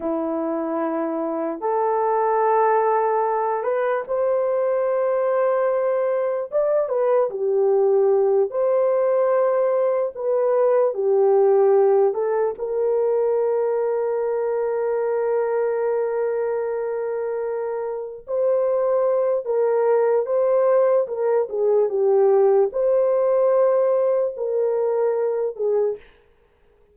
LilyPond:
\new Staff \with { instrumentName = "horn" } { \time 4/4 \tempo 4 = 74 e'2 a'2~ | a'8 b'8 c''2. | d''8 b'8 g'4. c''4.~ | c''8 b'4 g'4. a'8 ais'8~ |
ais'1~ | ais'2~ ais'8 c''4. | ais'4 c''4 ais'8 gis'8 g'4 | c''2 ais'4. gis'8 | }